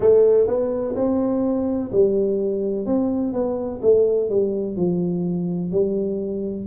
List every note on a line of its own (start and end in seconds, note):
0.00 0.47 A3
0.47 0.94 B3
0.95 1.90 C4
1.92 2.86 G3
2.86 3.33 C4
3.33 3.81 B3
3.81 4.29 A3
4.29 4.76 G3
4.76 5.71 F3
5.71 6.66 G3